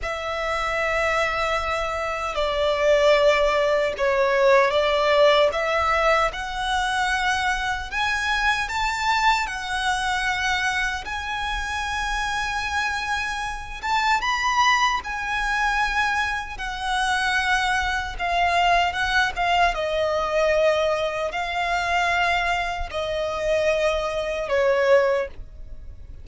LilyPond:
\new Staff \with { instrumentName = "violin" } { \time 4/4 \tempo 4 = 76 e''2. d''4~ | d''4 cis''4 d''4 e''4 | fis''2 gis''4 a''4 | fis''2 gis''2~ |
gis''4. a''8 b''4 gis''4~ | gis''4 fis''2 f''4 | fis''8 f''8 dis''2 f''4~ | f''4 dis''2 cis''4 | }